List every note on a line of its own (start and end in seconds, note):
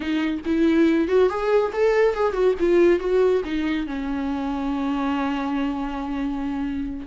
0.00 0.40 D#4
0.45 1.08 E4
1.08 1.29 F#4
1.29 1.71 G#4
1.72 2.14 A4
2.14 2.33 G#4
2.33 2.54 F#4
2.59 2.99 F4
2.99 3.42 F#4
3.44 3.86 D#4
3.86 7.06 C#4